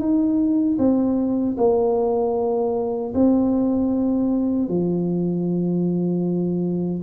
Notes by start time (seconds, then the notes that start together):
0.00 D#4
0.79 C4
1.58 A#3
3.15 C4
4.69 F3